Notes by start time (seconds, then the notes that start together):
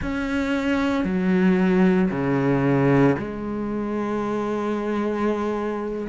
0.02 C#4
1.04 F#3
2.11 C#3
3.18 G#3